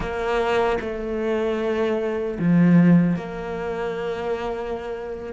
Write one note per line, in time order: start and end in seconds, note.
0.00 0.78 A#3
0.80 2.38 A3
2.39 3.16 F3
3.16 5.33 A#3